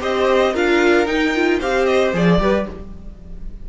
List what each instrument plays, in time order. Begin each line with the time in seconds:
0.00 cello C4, viola G4, violin C5 D#5
0.53 cello D4, viola F4, violin A#4 F5
1.06 viola D#4, cello D#4, violin G5
1.35 viola F4
1.59 cello C4, viola G4, violin C5 F5
1.85 violin D#5
2.13 cello F3, viola G#4, violin D5
2.39 cello G3, viola G4, violin B4